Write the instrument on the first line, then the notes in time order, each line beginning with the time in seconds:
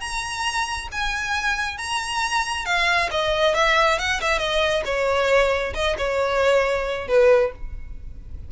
violin
0.00 A#5
0.92 G#5
1.78 A#5
2.65 F5
3.11 D#5
3.55 E5
3.99 F#5
4.21 E5
4.39 D#5
4.85 C#5
5.74 D#5
5.98 C#5
7.08 B4